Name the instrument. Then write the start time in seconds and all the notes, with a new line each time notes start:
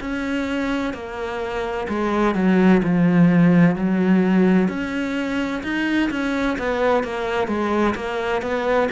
cello
0.00 C#4
0.93 A#3
1.88 G#3
2.34 F#3
2.83 F3
3.75 F#3
4.68 C#4
5.63 D#4
6.10 C#4
6.58 B3
7.03 A#3
7.47 G#3
7.95 A#3
8.42 B3